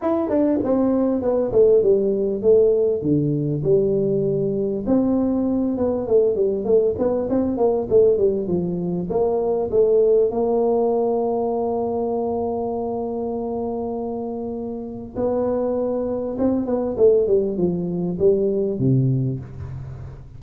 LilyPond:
\new Staff \with { instrumentName = "tuba" } { \time 4/4 \tempo 4 = 99 e'8 d'8 c'4 b8 a8 g4 | a4 d4 g2 | c'4. b8 a8 g8 a8 b8 | c'8 ais8 a8 g8 f4 ais4 |
a4 ais2.~ | ais1~ | ais4 b2 c'8 b8 | a8 g8 f4 g4 c4 | }